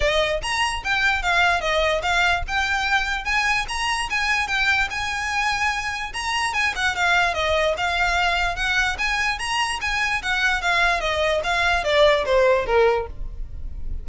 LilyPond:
\new Staff \with { instrumentName = "violin" } { \time 4/4 \tempo 4 = 147 dis''4 ais''4 g''4 f''4 | dis''4 f''4 g''2 | gis''4 ais''4 gis''4 g''4 | gis''2. ais''4 |
gis''8 fis''8 f''4 dis''4 f''4~ | f''4 fis''4 gis''4 ais''4 | gis''4 fis''4 f''4 dis''4 | f''4 d''4 c''4 ais'4 | }